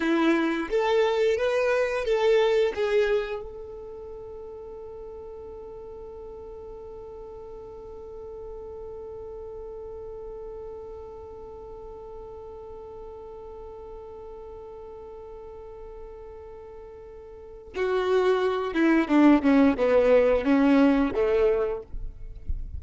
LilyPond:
\new Staff \with { instrumentName = "violin" } { \time 4/4 \tempo 4 = 88 e'4 a'4 b'4 a'4 | gis'4 a'2.~ | a'1~ | a'1~ |
a'1~ | a'1~ | a'2 fis'4. e'8 | d'8 cis'8 b4 cis'4 a4 | }